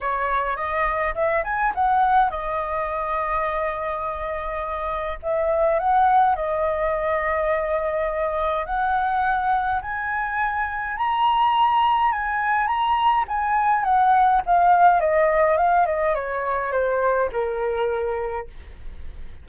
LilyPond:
\new Staff \with { instrumentName = "flute" } { \time 4/4 \tempo 4 = 104 cis''4 dis''4 e''8 gis''8 fis''4 | dis''1~ | dis''4 e''4 fis''4 dis''4~ | dis''2. fis''4~ |
fis''4 gis''2 ais''4~ | ais''4 gis''4 ais''4 gis''4 | fis''4 f''4 dis''4 f''8 dis''8 | cis''4 c''4 ais'2 | }